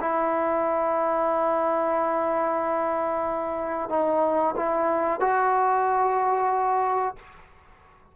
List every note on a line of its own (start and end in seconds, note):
0.00 3.90 E4
3.90 4.55 D#4
4.56 5.20 E4
5.20 7.16 F#4